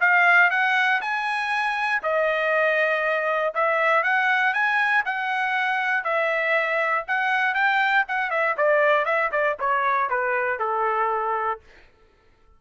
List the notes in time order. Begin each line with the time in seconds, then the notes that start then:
0.00 F5
0.50 F#5
1.01 G#5
2.03 D#5
3.54 E5
4.03 F#5
4.53 G#5
5.05 F#5
6.04 E5
7.07 F#5
7.54 G5
8.07 F#5
8.30 E5
8.57 D5
9.05 E5
9.31 D5
9.59 C#5
10.09 B4
10.59 A4